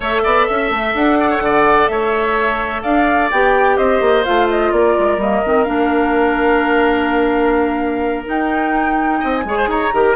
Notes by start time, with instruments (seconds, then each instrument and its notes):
0.00 bassoon A3, clarinet A4, oboe C#5, flute E5
0.23 bassoon B3, oboe D5
0.46 bassoon C#4, oboe E5
0.70 bassoon A3
0.94 bassoon D4, flute F#5
1.19 oboe D5
1.30 oboe C#5
1.40 bassoon D3, oboe D5
1.87 bassoon A3, oboe C#5, flute E5
2.82 bassoon D4, oboe D5, flute F5
3.30 bassoon B3, clarinet G4, flute G5
3.77 bassoon C4, oboe C5, flute D#5
4.00 bassoon A#3
4.24 bassoon A3, clarinet F4, flute F5
4.49 flute D#5
4.71 bassoon A#3, oboe A#4, flute D5
4.99 bassoon G#3
5.17 bassoon G3, clarinet A#3, flute D#5
5.45 bassoon D#3, clarinet C4
5.63 bassoon A#3, clarinet D4, flute F5
8.25 clarinet D#4, bassoon D#4, flute G5
9.19 bassoon C4, oboe D#5
9.34 flute G#5
9.44 bassoon G#3, clarinet G#4, oboe C#5
9.57 oboe C5
9.67 bassoon D#4, oboe C#5, flute A#5
9.92 bassoon D#3, clarinet G4, oboe A#4